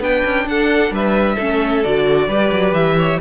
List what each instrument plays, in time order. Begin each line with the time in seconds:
0.00 cello B3, viola D4, violin B4 G5
0.25 cello C#4
0.47 cello D4, violin A4 F#5
0.91 cello G3, violin B4 E5
1.35 cello A3, viola C#4, violin A4
1.84 cello D3, viola F#4, violin D5
2.28 cello G3, viola G4, violin B4
2.52 cello F#3
2.73 cello E3, violin E5
2.97 violin C#5